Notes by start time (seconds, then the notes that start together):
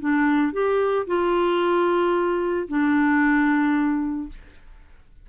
0.00 D4
0.53 G4
1.07 F4
2.68 D4